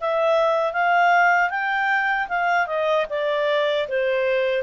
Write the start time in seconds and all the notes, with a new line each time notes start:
0.00 E5
0.72 F5
1.50 G5
2.28 F5
2.66 D#5
3.09 D5
3.88 C5